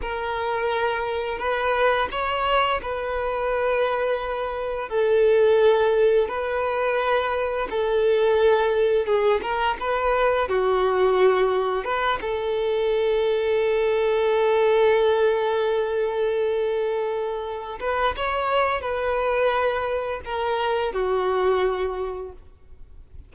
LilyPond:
\new Staff \with { instrumentName = "violin" } { \time 4/4 \tempo 4 = 86 ais'2 b'4 cis''4 | b'2. a'4~ | a'4 b'2 a'4~ | a'4 gis'8 ais'8 b'4 fis'4~ |
fis'4 b'8 a'2~ a'8~ | a'1~ | a'4. b'8 cis''4 b'4~ | b'4 ais'4 fis'2 | }